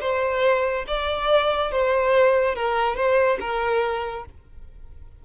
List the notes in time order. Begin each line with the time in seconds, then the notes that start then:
0.00 C5
0.87 D5
1.71 C5
2.55 A#4
2.96 C5
3.40 A#4